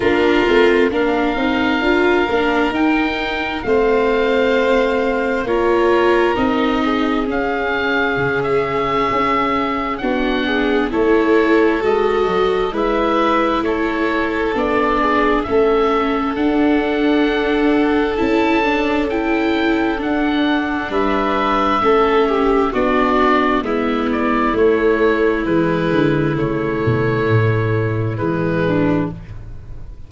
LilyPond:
<<
  \new Staff \with { instrumentName = "oboe" } { \time 4/4 \tempo 4 = 66 ais'4 f''2 g''4 | f''2 cis''4 dis''4 | f''4~ f''16 e''4.~ e''16 fis''4 | cis''4 dis''4 e''4 cis''4 |
d''4 e''4 fis''2 | a''4 g''4 fis''4 e''4~ | e''4 d''4 e''8 d''8 cis''4 | b'4 cis''2 b'4 | }
  \new Staff \with { instrumentName = "violin" } { \time 4/4 f'4 ais'2. | c''2 ais'4. gis'8~ | gis'2. fis'8 gis'8 | a'2 b'4 a'4~ |
a'8 gis'8 a'2.~ | a'2. b'4 | a'8 g'8 fis'4 e'2~ | e'2.~ e'8 d'8 | }
  \new Staff \with { instrumentName = "viola" } { \time 4/4 d'8 c'8 d'8 dis'8 f'8 d'8 dis'4 | c'2 f'4 dis'4 | cis'2. d'4 | e'4 fis'4 e'2 |
d'4 cis'4 d'2 | e'8 d'8 e'4 d'2 | cis'4 d'4 b4 a4 | gis4 a2 gis4 | }
  \new Staff \with { instrumentName = "tuba" } { \time 4/4 ais8 a8 ais8 c'8 d'8 ais8 dis'4 | a2 ais4 c'4 | cis'4 cis4 cis'4 b4 | a4 gis8 fis8 gis4 a4 |
b4 a4 d'2 | cis'2 d'4 g4 | a4 b4 gis4 a4 | e8 d8 cis8 b,8 a,4 e4 | }
>>